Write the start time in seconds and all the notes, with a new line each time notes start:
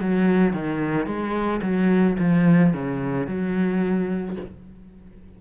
0.00 F#3
0.53 D#3
1.06 G#3
1.62 F#3
2.18 F3
2.73 C#3
3.27 F#3